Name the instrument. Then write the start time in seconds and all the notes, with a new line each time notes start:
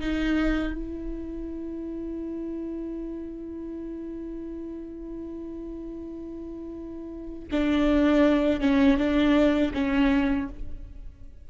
viola
0.00 D#4
0.73 E4
7.51 D4
8.60 C#4
8.97 D4
9.74 C#4